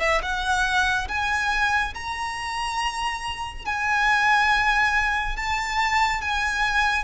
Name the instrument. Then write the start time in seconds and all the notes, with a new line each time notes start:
violin
0.00 E5
0.22 F#5
1.09 G#5
1.94 A#5
3.66 G#5
5.37 A5
6.21 G#5